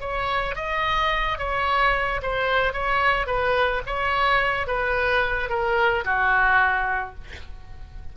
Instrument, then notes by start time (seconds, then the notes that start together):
oboe
0.00 C#5
0.55 D#5
1.38 C#5
2.22 C5
2.73 C#5
3.27 B4
3.86 C#5
4.67 B4
5.49 A#4
6.04 F#4